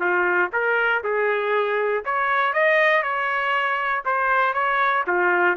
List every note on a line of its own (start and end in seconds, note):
0.00 0.50 F4
0.52 1.03 A#4
1.04 2.04 G#4
2.05 2.53 C#5
2.53 3.03 D#5
3.03 4.04 C#5
4.05 4.54 C5
4.54 5.04 C#5
5.07 5.57 F4